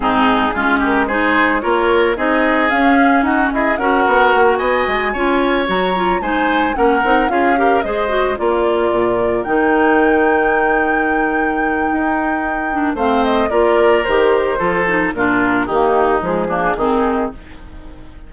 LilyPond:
<<
  \new Staff \with { instrumentName = "flute" } { \time 4/4 \tempo 4 = 111 gis'4. ais'8 c''4 cis''4 | dis''4 f''4 fis''8 dis''8 fis''4~ | fis''8 gis''2 ais''4 gis''8~ | gis''8 fis''4 f''4 dis''4 d''8~ |
d''4. g''2~ g''8~ | g''1 | f''8 dis''8 d''4 c''2 | ais'4 g'4 gis'2 | }
  \new Staff \with { instrumentName = "oboe" } { \time 4/4 dis'4 f'8 g'8 gis'4 ais'4 | gis'2 fis'8 gis'8 ais'4~ | ais'8 dis''4 cis''2 c''8~ | c''8 ais'4 gis'8 ais'8 c''4 ais'8~ |
ais'1~ | ais'1 | c''4 ais'2 a'4 | f'4 dis'4. d'8 dis'4 | }
  \new Staff \with { instrumentName = "clarinet" } { \time 4/4 c'4 cis'4 dis'4 f'4 | dis'4 cis'2 fis'4~ | fis'4. f'4 fis'8 f'8 dis'8~ | dis'8 cis'8 dis'8 f'8 g'8 gis'8 fis'8 f'8~ |
f'4. dis'2~ dis'8~ | dis'2.~ dis'8 d'8 | c'4 f'4 g'4 f'8 dis'8 | d'4 ais4 gis8 ais8 c'4 | }
  \new Staff \with { instrumentName = "bassoon" } { \time 4/4 gis,4 gis2 ais4 | c'4 cis'4 dis'8 e'8 cis'8 b8 | ais8 b8 gis8 cis'4 fis4 gis8~ | gis8 ais8 c'8 cis'4 gis4 ais8~ |
ais8 ais,4 dis2~ dis8~ | dis2 dis'2 | a4 ais4 dis4 f4 | ais,4 dis4 f4 dis4 | }
>>